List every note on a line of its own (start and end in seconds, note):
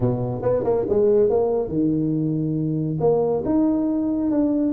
0.00 0.42 B2
0.42 0.63 B3
0.64 0.85 A#3
0.89 1.29 G#3
1.29 1.68 A#3
1.68 2.98 D#3
2.99 3.43 A#3
3.45 4.30 D#4
4.30 4.73 D4